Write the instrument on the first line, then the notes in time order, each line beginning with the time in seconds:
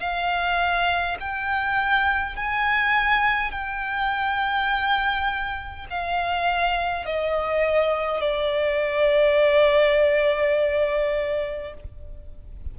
violin
0.00 F5
1.20 G5
2.36 G#5
3.51 G5
5.90 F5
7.06 D#5
8.21 D5